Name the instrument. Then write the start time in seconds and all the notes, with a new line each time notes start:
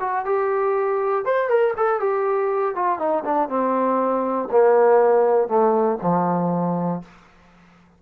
trombone
0.00 F#4
0.25 G4
1.25 C5
1.49 A#4
1.77 A4
2.00 G4
2.75 F4
2.99 D#4
3.24 D4
3.49 C4
4.51 A#3
5.48 A3
6.02 F3